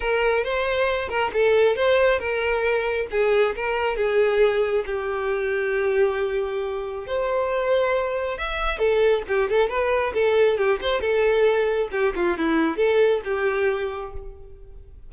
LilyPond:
\new Staff \with { instrumentName = "violin" } { \time 4/4 \tempo 4 = 136 ais'4 c''4. ais'8 a'4 | c''4 ais'2 gis'4 | ais'4 gis'2 g'4~ | g'1 |
c''2. e''4 | a'4 g'8 a'8 b'4 a'4 | g'8 c''8 a'2 g'8 f'8 | e'4 a'4 g'2 | }